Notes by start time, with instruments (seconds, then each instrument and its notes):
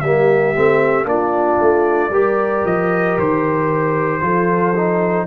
0.00 tuba G3, trombone A#3, horn G4, trumpet E5
0.54 tuba A3, trombone C4
1.04 tuba A#3, trombone D4, horn F4, trumpet D5
1.60 tuba A3
2.09 tuba G3, trombone G4, horn A#4
2.65 tuba F3, trumpet D#5
3.18 tuba D#3, trumpet C5
4.21 tuba F3, trombone F4, horn A4
4.76 trombone D#4